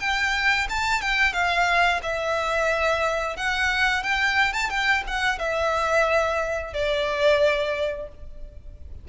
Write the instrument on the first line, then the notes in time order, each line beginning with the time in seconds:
violin
0.00 G5
0.70 A5
1.02 G5
1.33 F5
2.03 E5
3.37 F#5
4.03 G5
4.53 A5
4.70 G5
5.07 F#5
5.39 E5
6.74 D5